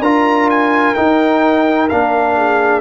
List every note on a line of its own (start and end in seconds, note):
0.00 0.94 D4
0.00 0.96 F4
0.00 2.36 A#4
0.00 0.49 A#5
0.50 0.95 G#5
0.95 1.89 D#4
0.95 1.91 D#4
0.95 1.88 G5
1.89 2.81 A#3
1.89 2.81 D4
1.89 2.81 F5
2.37 2.81 G#4